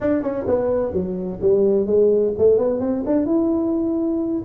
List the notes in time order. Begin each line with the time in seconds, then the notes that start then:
0.00 D4
0.22 C#4
0.47 B3
0.92 F#3
1.41 G3
1.86 G#3
2.37 A3
2.58 B3
2.80 C4
3.06 D4
3.25 E4